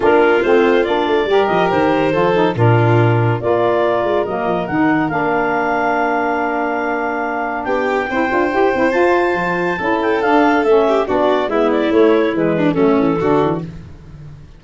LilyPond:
<<
  \new Staff \with { instrumentName = "clarinet" } { \time 4/4 \tempo 4 = 141 ais'4 c''4 d''4. dis''8 | c''2 ais'2 | d''2 dis''4 fis''4 | f''1~ |
f''2 g''2~ | g''4 a''2~ a''8 g''8 | f''4 e''4 d''4 e''8 d''8 | cis''4 b'4 a'2 | }
  \new Staff \with { instrumentName = "violin" } { \time 4/4 f'2. ais'4~ | ais'4 a'4 f'2 | ais'1~ | ais'1~ |
ais'2 g'4 c''4~ | c''2. a'4~ | a'4. g'8 fis'4 e'4~ | e'4. d'8 cis'4 fis'4 | }
  \new Staff \with { instrumentName = "saxophone" } { \time 4/4 d'4 c'4 d'4 g'4~ | g'4 f'8 dis'8 d'2 | f'2 ais4 dis'4 | d'1~ |
d'2. e'8 f'8 | g'8 e'8 f'2 e'4 | d'4 cis'4 d'4 b4 | a4 gis4 a4 d'4 | }
  \new Staff \with { instrumentName = "tuba" } { \time 4/4 ais4 a4 ais8 a8 g8 f8 | dis4 f4 ais,2 | ais4. gis8 fis8 f8 dis4 | ais1~ |
ais2 b4 c'8 d'8 | e'8 c'8 f'4 f4 cis'4 | d'4 a4 b4 gis4 | a4 e4 fis8 e8 d8 e8 | }
>>